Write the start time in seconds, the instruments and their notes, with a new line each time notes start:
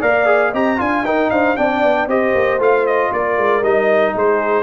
0.00 tuba A#3, trombone A#4, horn D5, trumpet F5
0.27 trombone G#4
0.51 tuba C4, trombone G4, horn D#5, trumpet A#5
0.78 tuba D4, trombone F4, horn F5, trumpet G#5
1.04 tuba D#4, trombone D#4, horn A#4, trumpet G5
1.31 tuba D4, horn C5, trumpet F5
1.57 tuba C4, trombone D4, horn D5, trumpet G5
1.83 tuba B3
2.07 tuba C4, trombone G4, horn C5, trumpet D#5
2.35 tuba A#3
2.59 tuba A3, trombone F4, trumpet F5
2.87 trumpet D#5
3.13 tuba A#3, horn A#4, trumpet D5
3.38 tuba G#3
3.62 tuba G3, trombone D#4, trumpet D#5
4.15 tuba G#3, horn G#4, trumpet C5